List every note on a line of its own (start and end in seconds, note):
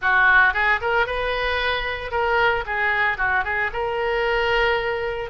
0.01 0.53 F#4
0.53 0.80 G#4
0.81 1.06 A#4
1.06 2.11 B4
2.11 2.64 A#4
2.65 3.17 G#4
3.17 3.44 F#4
3.44 3.70 G#4
3.72 5.30 A#4